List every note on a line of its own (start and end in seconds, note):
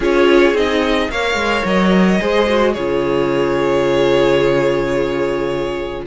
0.00 0.53 C#4
0.00 0.55 F4
0.00 1.09 G#4
0.00 0.56 C#5
0.53 1.08 C4
0.53 1.10 D#4
0.53 1.10 D#5
1.10 1.34 A#3
1.10 2.20 A#4
1.10 2.20 C#5
1.10 1.65 F5
1.34 1.62 G#3
1.65 2.20 F#3
1.65 2.73 D#5
2.20 2.75 G#3
2.20 2.47 G#4
2.20 2.72 C5
2.49 2.76 F#4
2.72 6.06 C#3
2.72 6.06 F4
2.72 6.03 G#4
2.72 6.04 C#5